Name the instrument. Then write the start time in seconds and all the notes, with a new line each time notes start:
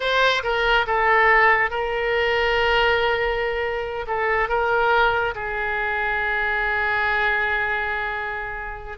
oboe
0.00 C5
0.43 A#4
0.86 A4
1.70 A#4
4.07 A4
4.48 A#4
5.34 G#4